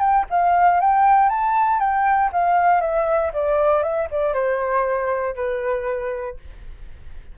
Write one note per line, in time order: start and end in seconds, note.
0.00 0.25 G5
0.30 0.81 F5
0.81 1.30 G5
1.30 1.80 A5
1.80 2.31 G5
2.33 2.81 F5
2.81 3.32 E5
3.34 3.83 D5
3.83 4.09 E5
4.11 4.34 D5
4.34 5.36 C5
5.36 6.37 B4